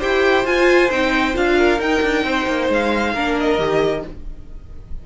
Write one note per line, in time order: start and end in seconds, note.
0.00 0.45 E4
0.00 0.45 G4
0.00 1.57 C5
0.00 0.46 G5
0.45 0.90 F4
0.45 0.91 G#5
0.90 1.35 C4
0.90 1.34 D#4
0.90 1.36 G5
1.34 1.79 D4
1.34 1.79 F4
1.34 1.81 F5
1.58 2.25 A#4
1.79 2.01 D#4
1.79 3.15 D#4
1.79 2.70 G5
2.02 2.24 D4
2.24 2.46 C4
2.24 3.14 C5
2.47 2.69 A#3
2.69 3.14 G#3
2.69 3.39 F5
3.14 3.58 A#3
3.14 3.59 D4
3.14 4.03 A#4
3.39 4.07 D#5
3.58 4.03 D#3
3.58 4.03 G4